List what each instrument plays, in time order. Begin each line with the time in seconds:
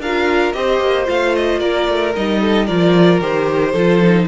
0.00 cello D4, viola F4, violin A#4 F5
0.53 cello C4, viola G4, violin C5 D#5
0.81 cello A#3
1.06 cello A3, viola F4, violin F5
1.36 violin D#5
1.59 cello A#3, violin A#4 D5
1.89 cello A3
2.16 cello G3, viola D#4, violin D#5
2.42 violin A4
2.67 cello F3, viola F4, violin A#4 D5
3.21 cello D#3, viola G4, violin C5
3.72 cello F3, viola F4, violin A4
4.02 viola D#4